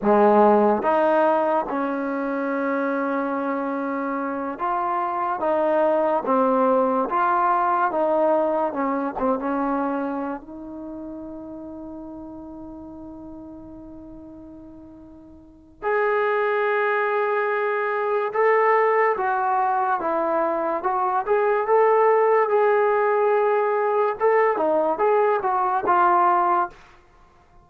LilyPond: \new Staff \with { instrumentName = "trombone" } { \time 4/4 \tempo 4 = 72 gis4 dis'4 cis'2~ | cis'4. f'4 dis'4 c'8~ | c'8 f'4 dis'4 cis'8 c'16 cis'8.~ | cis'8 dis'2.~ dis'8~ |
dis'2. gis'4~ | gis'2 a'4 fis'4 | e'4 fis'8 gis'8 a'4 gis'4~ | gis'4 a'8 dis'8 gis'8 fis'8 f'4 | }